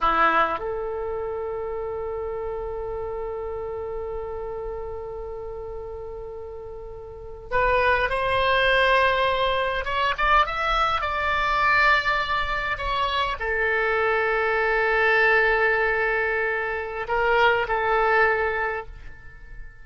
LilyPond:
\new Staff \with { instrumentName = "oboe" } { \time 4/4 \tempo 4 = 102 e'4 a'2.~ | a'1~ | a'1~ | a'8. b'4 c''2~ c''16~ |
c''8. cis''8 d''8 e''4 d''4~ d''16~ | d''4.~ d''16 cis''4 a'4~ a'16~ | a'1~ | a'4 ais'4 a'2 | }